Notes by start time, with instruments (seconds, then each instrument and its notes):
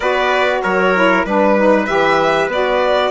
0.00 bassoon B3, saxophone F#4, trumpet B4, violin D5
0.62 bassoon F#3, trumpet A#4, violin C#5
0.94 saxophone E4
1.25 bassoon G3, saxophone D4, trumpet B4, violin B4
1.57 saxophone D#4
1.85 bassoon E3, saxophone G4, violin E5
2.47 bassoon B3, saxophone F#4, violin D5